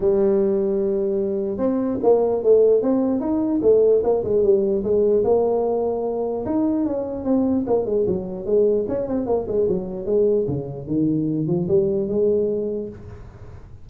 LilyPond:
\new Staff \with { instrumentName = "tuba" } { \time 4/4 \tempo 4 = 149 g1 | c'4 ais4 a4 c'4 | dis'4 a4 ais8 gis8 g4 | gis4 ais2. |
dis'4 cis'4 c'4 ais8 gis8 | fis4 gis4 cis'8 c'8 ais8 gis8 | fis4 gis4 cis4 dis4~ | dis8 f8 g4 gis2 | }